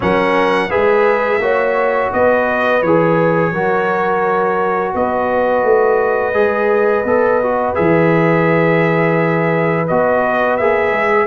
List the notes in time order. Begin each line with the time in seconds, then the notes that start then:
0.00 F#3 C#4 A#4 F#5
0.69 G#3 G#4 B4 E5
1.39 A#3 F#4 C#5
2.12 B3 B4 D#5
2.82 E3 G#4 C#5
3.52 F#3 F#4 A#4
4.94 B3 B4 D#5
5.63 A3
6.33 G#3 G#4
7.04 B3 A4
7.42 F#4
7.74 E3 G#4 E5
9.87 B3 F#4 D#5
10.56 A#3 G#4 E5
10.91 G#3